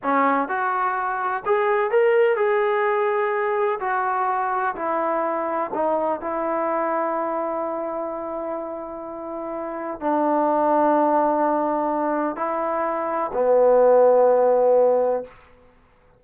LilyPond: \new Staff \with { instrumentName = "trombone" } { \time 4/4 \tempo 4 = 126 cis'4 fis'2 gis'4 | ais'4 gis'2. | fis'2 e'2 | dis'4 e'2.~ |
e'1~ | e'4 d'2.~ | d'2 e'2 | b1 | }